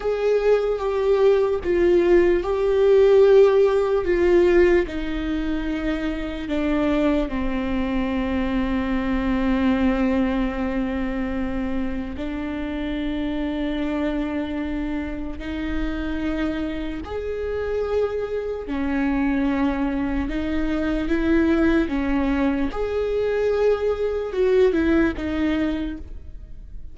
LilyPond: \new Staff \with { instrumentName = "viola" } { \time 4/4 \tempo 4 = 74 gis'4 g'4 f'4 g'4~ | g'4 f'4 dis'2 | d'4 c'2.~ | c'2. d'4~ |
d'2. dis'4~ | dis'4 gis'2 cis'4~ | cis'4 dis'4 e'4 cis'4 | gis'2 fis'8 e'8 dis'4 | }